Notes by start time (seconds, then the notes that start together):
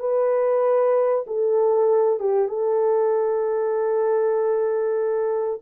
0.00 B4
1.27 A4
2.20 G4
2.48 A4